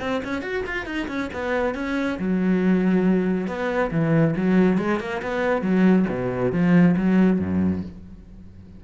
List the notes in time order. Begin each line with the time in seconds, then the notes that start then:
0.00 C4
0.24 C#4
0.42 F#4
0.66 F4
0.86 D#4
1.08 C#4
1.33 B3
1.75 C#4
2.19 F#3
3.47 B3
3.91 E3
4.36 F#3
4.78 G#3
5.00 A#3
5.22 B3
5.62 F#3
6.09 B2
6.52 F3
6.96 F#3
7.39 F#2